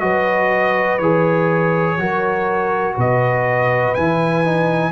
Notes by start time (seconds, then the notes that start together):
0.00 F#3 F#4 B4 D#5
0.98 E3 G#4 C#5
1.98 F#3 F#4 A#4
2.95 B2 B4 D#5
3.94 E3 E4 G#5
4.45 D#4